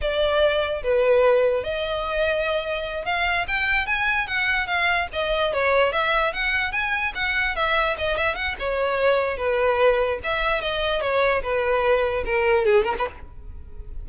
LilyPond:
\new Staff \with { instrumentName = "violin" } { \time 4/4 \tempo 4 = 147 d''2 b'2 | dis''2.~ dis''8 f''8~ | f''8 g''4 gis''4 fis''4 f''8~ | f''8 dis''4 cis''4 e''4 fis''8~ |
fis''8 gis''4 fis''4 e''4 dis''8 | e''8 fis''8 cis''2 b'4~ | b'4 e''4 dis''4 cis''4 | b'2 ais'4 gis'8 ais'16 b'16 | }